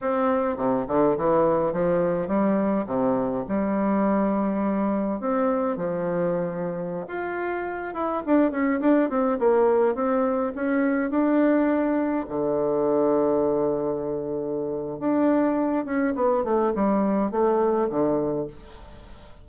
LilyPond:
\new Staff \with { instrumentName = "bassoon" } { \time 4/4 \tempo 4 = 104 c'4 c8 d8 e4 f4 | g4 c4 g2~ | g4 c'4 f2~ | f16 f'4. e'8 d'8 cis'8 d'8 c'16~ |
c'16 ais4 c'4 cis'4 d'8.~ | d'4~ d'16 d2~ d8.~ | d2 d'4. cis'8 | b8 a8 g4 a4 d4 | }